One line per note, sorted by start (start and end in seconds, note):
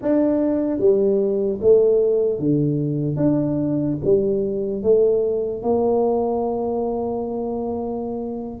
0.02 0.79 D4
0.79 1.59 G3
1.61 2.39 A3
2.39 3.16 D3
3.16 3.96 D4
4.04 4.83 G3
4.83 5.62 A3
5.62 8.60 A#3